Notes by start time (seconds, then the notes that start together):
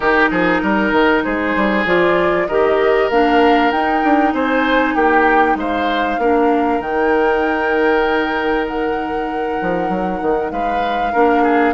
0.00 D#3 D#4 G4 A#4
0.30 F3 G#4
0.62 G3 A#4
0.92 D#3
1.23 G#3 G#4 C5
1.56 G3
1.85 F3 F4 D5
2.47 D#3 G4 A#4 D#5
3.09 A#3 D4 F5
3.71 D#4 G5
4.03 D4
4.33 C4 C5 G#5
4.95 A#3 G4 G5
5.55 G#3 C5 F5
6.18 A#3 D4 A#4
6.79 D#3 D#4 G5
8.67 F#5
9.61 F3
9.88 F#3
10.21 D#3
10.51 G#3 B4 F5
11.12 A#3 D4 A#4
11.43 G#4